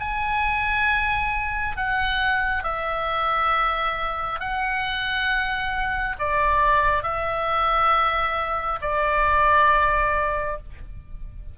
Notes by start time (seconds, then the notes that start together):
0.00 G#5
1.77 F#5
2.64 E5
4.40 F#5
6.19 D5
7.03 E5
8.81 D5